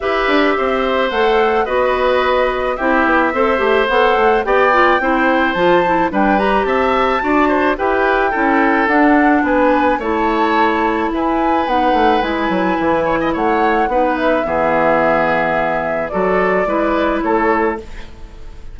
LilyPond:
<<
  \new Staff \with { instrumentName = "flute" } { \time 4/4 \tempo 4 = 108 e''2 fis''4 dis''4~ | dis''4 e''2 fis''4 | g''2 a''4 g''8 ais''8 | a''2 g''2 |
fis''4 gis''4 a''2 | gis''4 fis''4 gis''2 | fis''4. e''2~ e''8~ | e''4 d''2 cis''4 | }
  \new Staff \with { instrumentName = "oboe" } { \time 4/4 b'4 c''2 b'4~ | b'4 g'4 c''2 | d''4 c''2 b'4 | e''4 d''8 c''8 b'4 a'4~ |
a'4 b'4 cis''2 | b'2.~ b'8 cis''16 dis''16 | cis''4 b'4 gis'2~ | gis'4 a'4 b'4 a'4 | }
  \new Staff \with { instrumentName = "clarinet" } { \time 4/4 g'2 a'4 fis'4~ | fis'4 e'4 a'8 g'8 a'4 | g'8 f'8 e'4 f'8 e'8 d'8 g'8~ | g'4 fis'4 g'4 e'4 |
d'2 e'2~ | e'4 dis'4 e'2~ | e'4 dis'4 b2~ | b4 fis'4 e'2 | }
  \new Staff \with { instrumentName = "bassoon" } { \time 4/4 e'8 d'8 c'4 a4 b4~ | b4 c'8 b8 c'8 a8 b8 a8 | b4 c'4 f4 g4 | c'4 d'4 e'4 cis'4 |
d'4 b4 a2 | e'4 b8 a8 gis8 fis8 e4 | a4 b4 e2~ | e4 fis4 gis4 a4 | }
>>